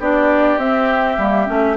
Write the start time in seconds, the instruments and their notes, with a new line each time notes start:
0.00 bassoon B3, clarinet D4, oboe G4, flute D5
0.58 bassoon C4, clarinet C4, flute E5
1.18 bassoon G3, clarinet A#3
1.47 bassoon A3, clarinet C#4